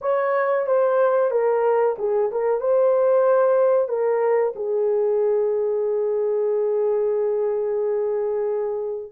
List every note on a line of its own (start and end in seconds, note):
0.01 0.66 C#5
0.66 1.30 C5
1.30 1.96 A#4
1.98 2.31 G#4
2.31 2.60 A#4
2.60 3.88 C5
3.88 4.53 A#4
4.55 9.12 G#4